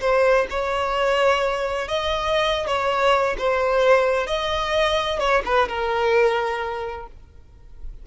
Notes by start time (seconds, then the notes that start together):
0.00 C5
0.50 C#5
1.88 D#5
2.66 C#5
3.38 C5
4.27 D#5
5.19 C#5
5.45 B4
5.68 A#4